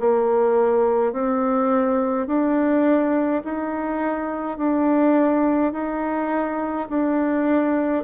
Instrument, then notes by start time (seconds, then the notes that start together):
bassoon
0.00 A#3
1.13 C4
2.28 D4
3.45 D#4
4.58 D4
5.73 D#4
6.90 D4